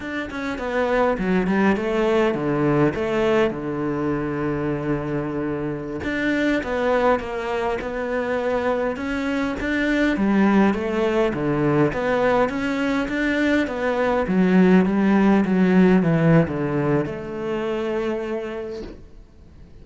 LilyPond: \new Staff \with { instrumentName = "cello" } { \time 4/4 \tempo 4 = 102 d'8 cis'8 b4 fis8 g8 a4 | d4 a4 d2~ | d2~ d16 d'4 b8.~ | b16 ais4 b2 cis'8.~ |
cis'16 d'4 g4 a4 d8.~ | d16 b4 cis'4 d'4 b8.~ | b16 fis4 g4 fis4 e8. | d4 a2. | }